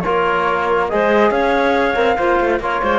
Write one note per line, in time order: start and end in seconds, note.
0.00 0.90 F4
0.00 0.89 A#4
0.00 0.86 C#5
0.07 0.92 A#3
0.89 1.31 G#3
0.89 1.95 G#4
0.89 1.31 C5
0.89 1.31 D#5
1.31 1.95 C#4
1.31 2.17 C#5
1.31 2.59 F5
1.95 2.17 C4
1.95 2.17 A#4
2.17 2.40 A#3
2.17 2.61 F4
2.17 2.60 C5
2.40 2.59 A3
2.59 2.81 A#3
2.59 2.99 F4
2.59 2.82 A#4
2.59 2.99 C#5
2.82 2.99 G#3
2.82 2.99 C5